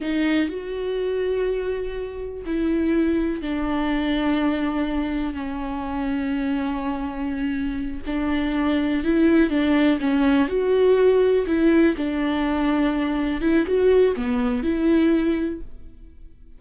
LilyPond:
\new Staff \with { instrumentName = "viola" } { \time 4/4 \tempo 4 = 123 dis'4 fis'2.~ | fis'4 e'2 d'4~ | d'2. cis'4~ | cis'1~ |
cis'8 d'2 e'4 d'8~ | d'8 cis'4 fis'2 e'8~ | e'8 d'2. e'8 | fis'4 b4 e'2 | }